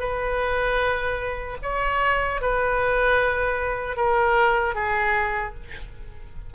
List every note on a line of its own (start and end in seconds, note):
0.00 1.58 B4
1.63 2.42 C#5
2.42 3.97 B4
3.97 4.75 A#4
4.75 5.54 G#4